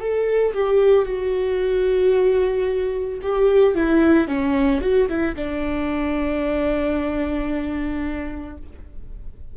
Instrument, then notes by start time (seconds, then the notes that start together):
viola
0.00 A4
0.54 G4
1.05 F#4
3.22 G4
3.75 E4
4.28 C#4
4.82 F#4
5.09 E4
5.36 D4